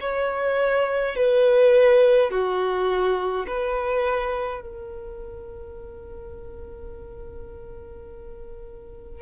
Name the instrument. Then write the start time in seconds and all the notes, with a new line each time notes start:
violin
0.00 C#5
1.15 B4
2.30 F#4
3.47 B4
4.60 A#4